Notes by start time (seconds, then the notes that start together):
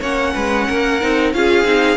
0.00 A#3 C#4 C#5 F#5
0.34 G#3 B4
0.67 A#3 A#4
1.01 C4 D#4
1.33 C#4 F4 G#4 F5
1.64 C4 D#4